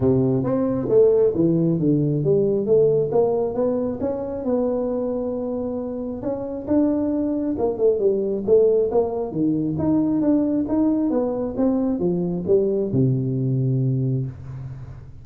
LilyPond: \new Staff \with { instrumentName = "tuba" } { \time 4/4 \tempo 4 = 135 c4 c'4 a4 e4 | d4 g4 a4 ais4 | b4 cis'4 b2~ | b2 cis'4 d'4~ |
d'4 ais8 a8 g4 a4 | ais4 dis4 dis'4 d'4 | dis'4 b4 c'4 f4 | g4 c2. | }